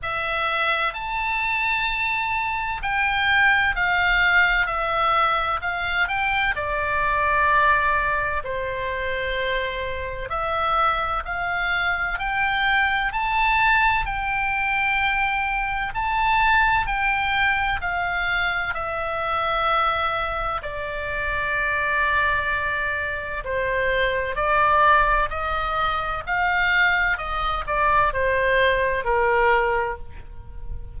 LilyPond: \new Staff \with { instrumentName = "oboe" } { \time 4/4 \tempo 4 = 64 e''4 a''2 g''4 | f''4 e''4 f''8 g''8 d''4~ | d''4 c''2 e''4 | f''4 g''4 a''4 g''4~ |
g''4 a''4 g''4 f''4 | e''2 d''2~ | d''4 c''4 d''4 dis''4 | f''4 dis''8 d''8 c''4 ais'4 | }